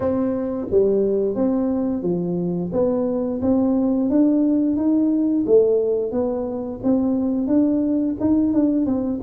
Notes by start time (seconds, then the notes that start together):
0.00 C4
0.71 G3
1.35 C4
2.02 F3
2.72 B3
3.41 C4
4.09 D4
4.76 D#4
5.46 A3
6.11 B3
6.83 C4
7.47 D4
8.20 D#4
8.53 D4
8.85 C4